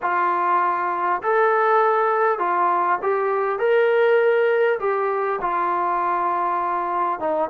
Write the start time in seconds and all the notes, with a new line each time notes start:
0.01 F4
1.22 A4
2.38 F4
3.02 G4
3.58 A#4
4.79 G4
5.41 F4
7.19 D#4